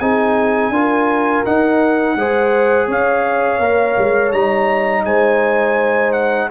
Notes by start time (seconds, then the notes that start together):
0.00 C4 D#4 G#4 G#5
0.70 D4 F4 A#4
1.45 D#4 F#5
2.16 G#3 G#4 C5
2.88 C#4 C#5 F5
3.60 A#3 A#4
3.98 G#3
4.32 G3 D#4 A#5
5.05 G#3 C5 G#5
6.13 F#5